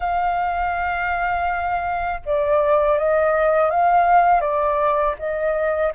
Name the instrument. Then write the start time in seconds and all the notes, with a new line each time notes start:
flute
0.00 F5
2.25 D5
2.98 D#5
3.70 F5
4.40 D5
5.19 D#5